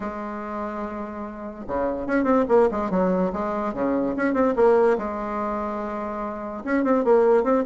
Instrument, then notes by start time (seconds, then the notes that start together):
bassoon
0.00 G#3
1.67 C#3
2.07 C#4
2.24 C4
2.48 A#3
2.71 G#3
2.90 F#3
3.32 G#3
3.73 C#3
4.16 C#4
4.33 C4
4.56 A#3
4.98 G#3
6.64 C#4
6.84 C4
7.04 A#3
7.43 C4